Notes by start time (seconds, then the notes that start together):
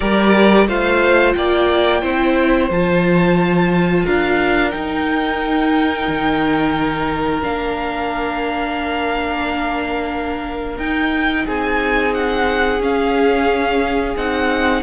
0.00 G3 G4 A#4 D5
0.67 A3 F4 C5 F5
1.32 A#3 D5 G5
2.01 C4 E4 C5
2.70 F3 F4 A5
4.05 D4 A#4 F5
4.70 D#4 G5
6.08 D#3
7.42 A#3 D4 F5
10.77 D#4 G5
11.44 C4 G#4 G#5
12.14 F#5
12.80 C#4 F5
14.15 C4 D#4 F#5